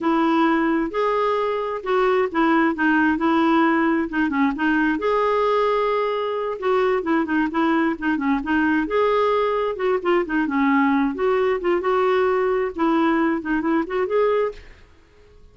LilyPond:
\new Staff \with { instrumentName = "clarinet" } { \time 4/4 \tempo 4 = 132 e'2 gis'2 | fis'4 e'4 dis'4 e'4~ | e'4 dis'8 cis'8 dis'4 gis'4~ | gis'2~ gis'8 fis'4 e'8 |
dis'8 e'4 dis'8 cis'8 dis'4 gis'8~ | gis'4. fis'8 f'8 dis'8 cis'4~ | cis'8 fis'4 f'8 fis'2 | e'4. dis'8 e'8 fis'8 gis'4 | }